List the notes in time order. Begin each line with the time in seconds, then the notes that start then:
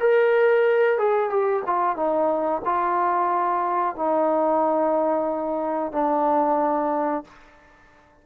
0.00 A#4
0.99 G#4
1.30 G4
1.67 F4
1.96 D#4
2.65 F4
3.96 D#4
5.93 D4